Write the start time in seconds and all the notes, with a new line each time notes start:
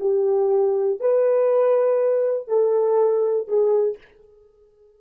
0.00 G4
1.00 B4
2.48 A4
3.47 G#4